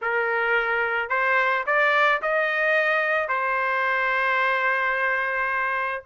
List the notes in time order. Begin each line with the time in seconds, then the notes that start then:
0.02 A#4
1.09 C5
1.66 D5
2.21 D#5
3.28 C5